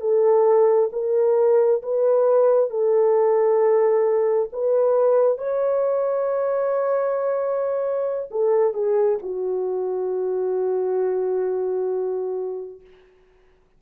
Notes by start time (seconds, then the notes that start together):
0.00 A4
0.92 A#4
1.82 B4
2.70 A4
4.52 B4
5.38 C#5
8.30 A4
8.74 G#4
9.22 F#4